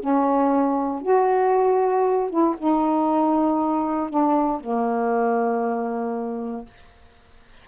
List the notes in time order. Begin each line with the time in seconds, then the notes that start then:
0.00 C#4
1.02 F#4
2.30 E4
2.58 D#4
4.10 D4
4.61 A#3